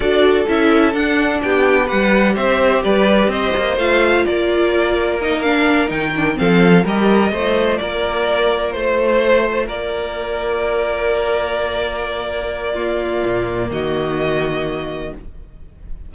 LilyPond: <<
  \new Staff \with { instrumentName = "violin" } { \time 4/4 \tempo 4 = 127 d''4 e''4 fis''4 g''4 | fis''4 e''4 d''4 dis''4 | f''4 d''2 dis''8 f''8~ | f''8 g''4 f''4 dis''4.~ |
dis''8 d''2 c''4.~ | c''8 d''2.~ d''8~ | d''1~ | d''4 dis''2. | }
  \new Staff \with { instrumentName = "violin" } { \time 4/4 a'2. g'4 | b'4 c''4 b'4 c''4~ | c''4 ais'2.~ | ais'4. a'4 ais'4 c''8~ |
c''8 ais'2 c''4.~ | c''8 ais'2.~ ais'8~ | ais'2. f'4~ | f'4 fis'2. | }
  \new Staff \with { instrumentName = "viola" } { \time 4/4 fis'4 e'4 d'2 | g'1 | f'2. dis'8 d'8~ | d'8 dis'8 d'8 c'4 g'4 f'8~ |
f'1~ | f'1~ | f'2. ais4~ | ais1 | }
  \new Staff \with { instrumentName = "cello" } { \time 4/4 d'4 cis'4 d'4 b4 | g4 c'4 g4 c'8 ais8 | a4 ais2.~ | ais8 dis4 f4 g4 a8~ |
a8 ais2 a4.~ | a8 ais2.~ ais8~ | ais1 | ais,4 dis2. | }
>>